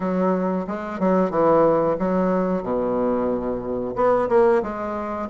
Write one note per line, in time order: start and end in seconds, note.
0.00 0.66 F#3
0.67 0.99 G#3
0.99 1.30 F#3
1.30 1.96 E3
1.98 2.62 F#3
2.62 3.94 B2
3.95 4.28 B3
4.29 4.62 A#3
4.62 5.28 G#3